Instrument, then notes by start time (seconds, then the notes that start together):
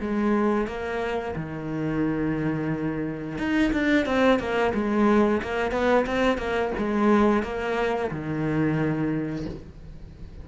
cello
0.00 G#3
0.67 A#3
1.36 D#3
3.38 D#4
3.73 D4
4.06 C4
4.39 A#3
4.74 G#3
5.42 A#3
5.72 B3
6.06 C4
6.38 A#3
6.78 G#3
7.43 A#3
8.11 D#3